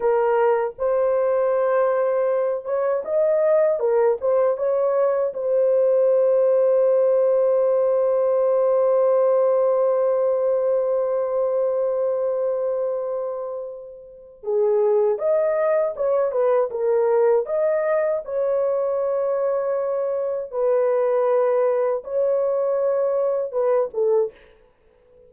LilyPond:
\new Staff \with { instrumentName = "horn" } { \time 4/4 \tempo 4 = 79 ais'4 c''2~ c''8 cis''8 | dis''4 ais'8 c''8 cis''4 c''4~ | c''1~ | c''1~ |
c''2. gis'4 | dis''4 cis''8 b'8 ais'4 dis''4 | cis''2. b'4~ | b'4 cis''2 b'8 a'8 | }